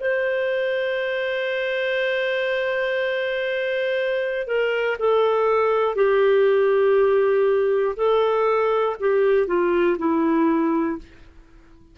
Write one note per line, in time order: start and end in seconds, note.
0.00 4.47 C5
4.47 4.97 A#4
4.99 5.95 A4
5.95 7.95 G4
7.96 8.96 A4
9.00 9.47 G4
9.47 9.97 F4
9.98 10.98 E4